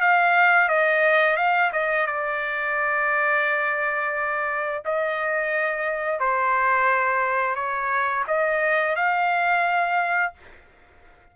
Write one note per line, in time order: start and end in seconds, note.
0.00 0.68 F5
0.68 1.36 D#5
1.36 1.71 F5
1.72 2.06 D#5
2.06 4.82 D5
4.85 6.19 D#5
6.19 7.55 C5
7.55 8.24 C#5
8.27 8.95 D#5
8.95 10.33 F5